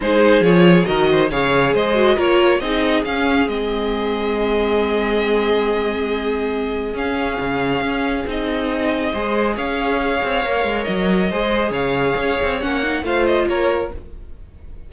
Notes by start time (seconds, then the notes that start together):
0.00 G#3 D#4 G#4 C5
0.40 F3 F4 C#5
0.84 D#3 F#4 A#4 D#5
1.11 C5
1.31 C#3 G#4 C#5 F5
1.73 G#3 C5 D#5
1.94 F#4
2.15 A#3 F4 A#4 C#5
2.60 C4 D#4 G#4 D#5
3.04 C#4 F5
3.47 G#3 C4 D#5
6.93 C#4 F5
7.40 C#3
7.81 C#4
8.26 C4 D#4 D#5
9.11 G#3 G#4 C5
9.56 C#4 C#5 F5
10.23 C4
10.45 A#3 A#4
10.63 G#3
10.84 F#3 D#5
11.29 G#3 G#4 C5
11.70 C#3 C#5 F5
12.17 C#4
12.42 C4
12.61 A#3 C#4 F#5
12.82 D#4
13.02 A3 F4 C5 F5
13.26 D#5
13.47 A#3 A#4 C#5